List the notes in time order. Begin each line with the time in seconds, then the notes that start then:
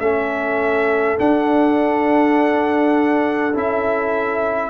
0.00 A3 C#4 A4 E5
1.18 D4 F#5
3.54 C#4 E4 E5